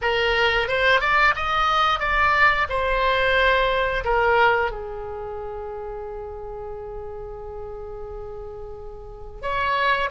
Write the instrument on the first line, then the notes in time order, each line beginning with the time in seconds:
oboe
0.01 A#4
0.68 C5
1.00 D5
1.35 D#5
1.99 D5
2.69 C5
4.04 A#4
4.71 G#4
9.42 C#5